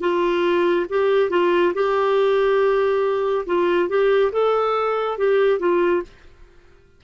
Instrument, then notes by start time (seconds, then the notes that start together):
clarinet
0.00 F4
0.89 G4
1.30 F4
1.74 G4
3.46 F4
3.88 G4
4.32 A4
5.17 G4
5.59 F4